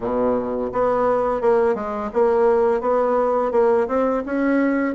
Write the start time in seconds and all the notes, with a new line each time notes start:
0.00 B2
0.72 B3
1.41 A#3
1.75 G#3
2.13 A#3
2.80 B3
3.51 A#3
3.87 C4
4.25 C#4